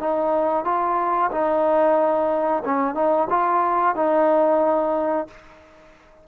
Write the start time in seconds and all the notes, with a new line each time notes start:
0.00 D#4
0.65 F4
1.32 D#4
2.65 C#4
2.95 D#4
3.30 F4
3.96 D#4